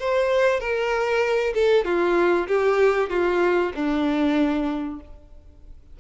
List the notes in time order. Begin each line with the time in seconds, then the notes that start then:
0.00 C5
0.60 A#4
1.55 A4
1.85 F4
2.48 G4
3.10 F4
3.75 D4